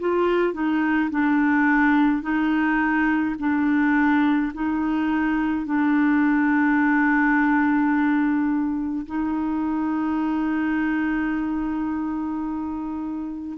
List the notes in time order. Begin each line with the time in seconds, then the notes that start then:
0.00 F4
0.53 D#4
1.11 D4
2.22 D#4
3.39 D4
4.54 D#4
5.66 D4
9.06 D#4